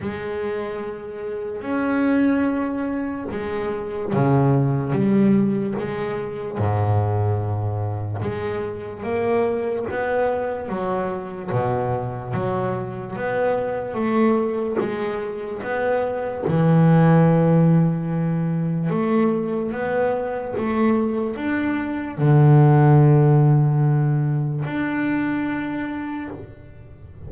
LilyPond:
\new Staff \with { instrumentName = "double bass" } { \time 4/4 \tempo 4 = 73 gis2 cis'2 | gis4 cis4 g4 gis4 | gis,2 gis4 ais4 | b4 fis4 b,4 fis4 |
b4 a4 gis4 b4 | e2. a4 | b4 a4 d'4 d4~ | d2 d'2 | }